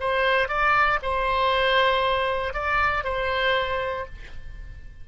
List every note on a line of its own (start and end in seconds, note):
0.00 0.49 C5
0.49 0.99 D5
1.02 2.54 C5
2.54 3.04 D5
3.04 4.06 C5